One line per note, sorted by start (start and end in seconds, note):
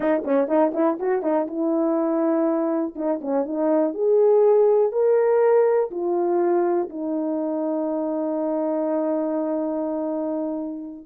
0.00 0.23 D#4
0.24 0.47 C#4
0.47 0.72 D#4
0.74 0.98 E4
0.99 1.22 F#4
1.22 1.46 D#4
1.47 2.94 E4
2.95 3.20 D#4
3.21 3.45 C#4
3.45 3.93 D#4
3.93 4.92 G#4
4.92 5.90 A#4
5.90 6.89 F4
6.89 11.06 D#4